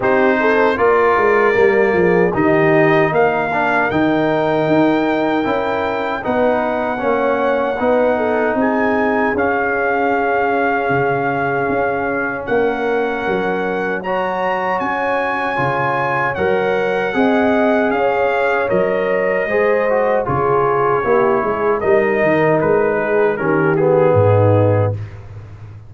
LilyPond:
<<
  \new Staff \with { instrumentName = "trumpet" } { \time 4/4 \tempo 4 = 77 c''4 d''2 dis''4 | f''4 g''2. | fis''2. gis''4 | f''1 |
fis''2 ais''4 gis''4~ | gis''4 fis''2 f''4 | dis''2 cis''2 | dis''4 b'4 ais'8 gis'4. | }
  \new Staff \with { instrumentName = "horn" } { \time 4/4 g'8 a'8 ais'4. gis'8 g'4 | ais'1 | b'4 cis''4 b'8 a'8 gis'4~ | gis'1 |
ais'2 cis''2~ | cis''2 dis''4 cis''4~ | cis''4 c''4 gis'4 g'8 gis'8 | ais'4. gis'8 g'4 dis'4 | }
  \new Staff \with { instrumentName = "trombone" } { \time 4/4 dis'4 f'4 ais4 dis'4~ | dis'8 d'8 dis'2 e'4 | dis'4 cis'4 dis'2 | cis'1~ |
cis'2 fis'2 | f'4 ais'4 gis'2 | ais'4 gis'8 fis'8 f'4 e'4 | dis'2 cis'8 b4. | }
  \new Staff \with { instrumentName = "tuba" } { \time 4/4 c'4 ais8 gis8 g8 f8 dis4 | ais4 dis4 dis'4 cis'4 | b4 ais4 b4 c'4 | cis'2 cis4 cis'4 |
ais4 fis2 cis'4 | cis4 fis4 c'4 cis'4 | fis4 gis4 cis4 ais8 gis8 | g8 dis8 gis4 dis4 gis,4 | }
>>